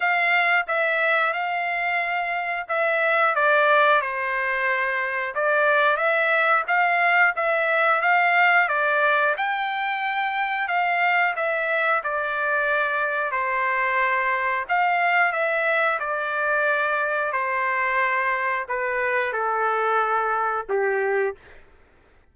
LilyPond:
\new Staff \with { instrumentName = "trumpet" } { \time 4/4 \tempo 4 = 90 f''4 e''4 f''2 | e''4 d''4 c''2 | d''4 e''4 f''4 e''4 | f''4 d''4 g''2 |
f''4 e''4 d''2 | c''2 f''4 e''4 | d''2 c''2 | b'4 a'2 g'4 | }